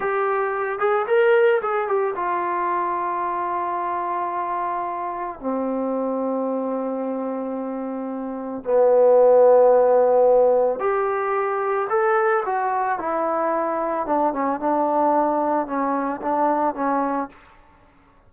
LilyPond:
\new Staff \with { instrumentName = "trombone" } { \time 4/4 \tempo 4 = 111 g'4. gis'8 ais'4 gis'8 g'8 | f'1~ | f'2 c'2~ | c'1 |
b1 | g'2 a'4 fis'4 | e'2 d'8 cis'8 d'4~ | d'4 cis'4 d'4 cis'4 | }